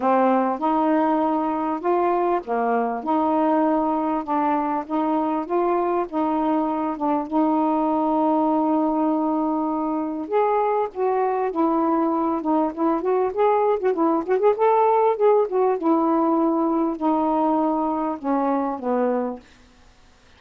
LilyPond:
\new Staff \with { instrumentName = "saxophone" } { \time 4/4 \tempo 4 = 99 c'4 dis'2 f'4 | ais4 dis'2 d'4 | dis'4 f'4 dis'4. d'8 | dis'1~ |
dis'4 gis'4 fis'4 e'4~ | e'8 dis'8 e'8 fis'8 gis'8. fis'16 e'8 fis'16 gis'16 | a'4 gis'8 fis'8 e'2 | dis'2 cis'4 b4 | }